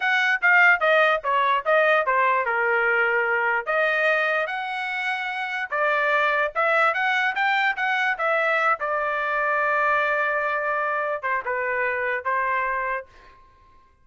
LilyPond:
\new Staff \with { instrumentName = "trumpet" } { \time 4/4 \tempo 4 = 147 fis''4 f''4 dis''4 cis''4 | dis''4 c''4 ais'2~ | ais'4 dis''2 fis''4~ | fis''2 d''2 |
e''4 fis''4 g''4 fis''4 | e''4. d''2~ d''8~ | d''2.~ d''8 c''8 | b'2 c''2 | }